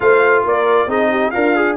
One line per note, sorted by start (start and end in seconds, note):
0.00 0.44 A3
0.00 0.88 F4
0.00 0.46 C5
0.00 0.44 F5
0.44 0.86 A#3
0.44 0.87 A#4
0.44 0.90 D5
0.86 1.31 C4
0.86 1.32 D#4
0.86 1.10 G#4
0.86 1.30 D#5
1.10 1.32 G4
1.30 1.77 D4
1.30 1.76 F4
1.30 1.55 A#4
1.30 1.75 F5
1.55 1.77 G#4